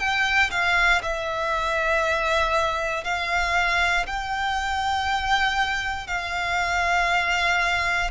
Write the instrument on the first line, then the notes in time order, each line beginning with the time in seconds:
violin
0.00 G5
0.51 F5
1.03 E5
3.04 F5
4.07 G5
6.07 F5